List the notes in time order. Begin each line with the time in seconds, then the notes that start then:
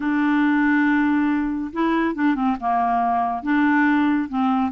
0.00 D4
1.72 E4
2.14 D4
2.35 C4
2.60 A#3
3.42 D4
4.29 C4